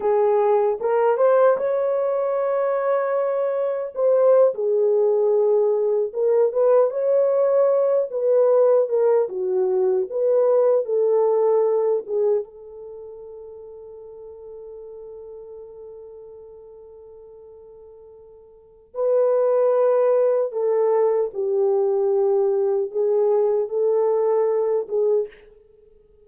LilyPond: \new Staff \with { instrumentName = "horn" } { \time 4/4 \tempo 4 = 76 gis'4 ais'8 c''8 cis''2~ | cis''4 c''8. gis'2 ais'16~ | ais'16 b'8 cis''4. b'4 ais'8 fis'16~ | fis'8. b'4 a'4. gis'8 a'16~ |
a'1~ | a'1 | b'2 a'4 g'4~ | g'4 gis'4 a'4. gis'8 | }